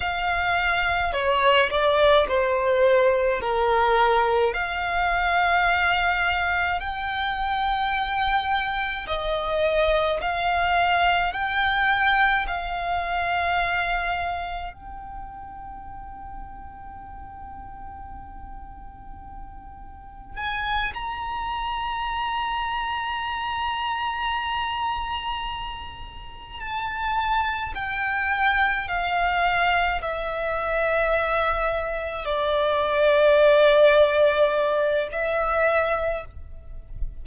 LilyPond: \new Staff \with { instrumentName = "violin" } { \time 4/4 \tempo 4 = 53 f''4 cis''8 d''8 c''4 ais'4 | f''2 g''2 | dis''4 f''4 g''4 f''4~ | f''4 g''2.~ |
g''2 gis''8 ais''4.~ | ais''2.~ ais''8 a''8~ | a''8 g''4 f''4 e''4.~ | e''8 d''2~ d''8 e''4 | }